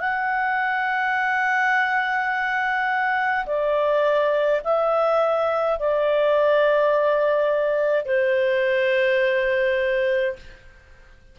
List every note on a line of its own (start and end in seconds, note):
0.00 3.46 F#5
3.46 4.62 D5
4.65 5.80 E5
5.80 8.06 D5
8.06 10.36 C5